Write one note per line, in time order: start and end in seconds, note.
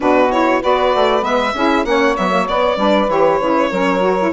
0.00 0.63 B2
0.00 0.31 D4
0.00 0.61 F#4
0.00 0.31 B4
0.31 0.62 E4
0.31 0.62 C#5
0.61 0.95 B3
0.61 1.20 F#4
0.61 1.54 B4
0.61 1.24 D5
0.95 1.22 A3
1.20 1.53 G#3
1.20 1.51 B3
1.20 1.85 E5
1.54 1.84 C#4
1.54 1.85 E4
1.54 1.85 G#4
1.84 2.15 A#3
1.84 2.16 C#4
1.84 2.78 C#5
1.84 2.16 F#5
2.16 2.49 F#3
2.16 2.30 B3
2.16 2.47 E5
2.30 2.46 A#3
2.47 2.77 B3
2.47 2.76 B3
2.47 3.09 D5
2.76 3.07 G3
2.76 3.08 D4
2.76 3.69 B4
3.08 3.39 E3
3.08 3.40 G4
3.08 4.33 C#5
3.40 3.71 C#3
3.40 3.71 E4
3.69 4.33 F#3
3.69 4.01 C#4
3.69 4.31 A#4
4.01 4.16 F#4
4.19 4.33 E4